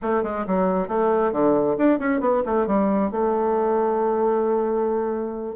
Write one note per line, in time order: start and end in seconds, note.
0.02 0.23 A3
0.23 0.45 G#3
0.46 0.87 F#3
0.87 1.32 A3
1.32 1.76 D3
1.77 1.99 D4
1.99 2.20 C#4
2.20 2.42 B3
2.45 2.67 A3
2.67 3.11 G3
3.11 5.55 A3